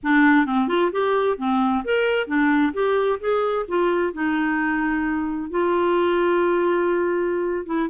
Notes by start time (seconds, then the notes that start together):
0.03 D4
0.45 C4
0.68 F4
0.92 G4
1.37 C4
1.84 A#4
2.27 D4
2.73 G4
3.20 G#4
3.67 F4
4.13 D#4
5.50 F4
7.66 E4